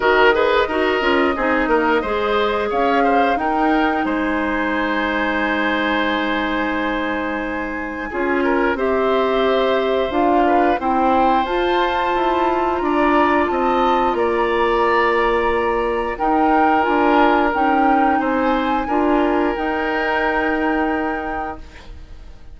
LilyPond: <<
  \new Staff \with { instrumentName = "flute" } { \time 4/4 \tempo 4 = 89 dis''1 | f''4 g''4 gis''2~ | gis''1~ | gis''4 e''2 f''4 |
g''4 a''2 ais''4 | a''4 ais''2. | g''4 gis''4 g''4 gis''4~ | gis''4 g''2. | }
  \new Staff \with { instrumentName = "oboe" } { \time 4/4 ais'8 b'8 ais'4 gis'8 ais'8 c''4 | cis''8 c''8 ais'4 c''2~ | c''1 | gis'8 ais'8 c''2~ c''8 b'8 |
c''2. d''4 | dis''4 d''2. | ais'2. c''4 | ais'1 | }
  \new Staff \with { instrumentName = "clarinet" } { \time 4/4 fis'8 gis'8 fis'8 f'8 dis'4 gis'4~ | gis'4 dis'2.~ | dis'1 | f'4 g'2 f'4 |
e'4 f'2.~ | f'1 | dis'4 f'4 dis'2 | f'4 dis'2. | }
  \new Staff \with { instrumentName = "bassoon" } { \time 4/4 dis4 dis'8 cis'8 c'8 ais8 gis4 | cis'4 dis'4 gis2~ | gis1 | cis'4 c'2 d'4 |
c'4 f'4 e'4 d'4 | c'4 ais2. | dis'4 d'4 cis'4 c'4 | d'4 dis'2. | }
>>